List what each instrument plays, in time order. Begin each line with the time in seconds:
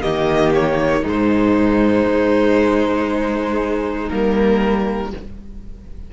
0.00 cello D#3, viola A#3, violin G4 D#5
0.54 violin C#5
1.01 cello G#2, viola G#3, violin D#4
1.08 violin C5
2.07 cello G#3
4.09 cello G3, viola A#3, violin A#4